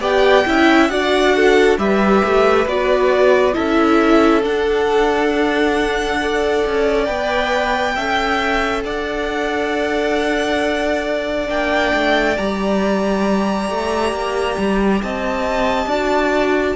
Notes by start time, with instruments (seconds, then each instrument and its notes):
0.00 cello B3, viola G4, violin D5 G5
0.46 cello C#4, viola E4, violin E5
0.88 cello D4, viola F#4, violin D5 F#5
1.35 violin A4
1.78 cello G3, viola G4, violin B4 E5
2.25 cello A3
2.66 cello B3, viola F#4, violin D5
3.53 cello C#4, viola E4, violin A4 E5
4.43 viola D4, cello D4, violin F#5
6.21 viola A4, violin D5
6.66 cello C#4
7.05 cello B3, viola B4, violin G5
7.95 cello C#4, viola A4, violin E5
8.84 cello D4, violin D5 F#5
11.46 cello A#3, viola D4, violin G5
11.94 cello A3
12.37 cello G3, viola G4, violin A#5
13.70 cello A3
14.12 cello A#3
14.58 cello G3
15.02 cello C4, violin D#5 A5
15.86 cello D4, viola F#4, violin D5